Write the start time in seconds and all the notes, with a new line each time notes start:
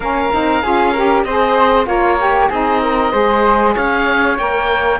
0.00 A#3 C#4 A#4 F5
0.32 C4 D#4
0.62 C#4 F4 G#4
0.92 G4 A#4
1.23 C4 G#4 C5 D#5
1.85 A#3 F4 A#4 C#5
2.20 G4
2.49 C4 D#4 G#4 D#5
2.82 A#4
3.11 G#3 G#4 C5
3.74 C#4 C#5 F5
4.38 A#3 A#4 G5